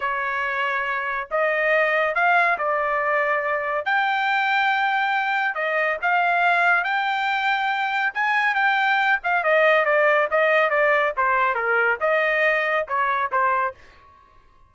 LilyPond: \new Staff \with { instrumentName = "trumpet" } { \time 4/4 \tempo 4 = 140 cis''2. dis''4~ | dis''4 f''4 d''2~ | d''4 g''2.~ | g''4 dis''4 f''2 |
g''2. gis''4 | g''4. f''8 dis''4 d''4 | dis''4 d''4 c''4 ais'4 | dis''2 cis''4 c''4 | }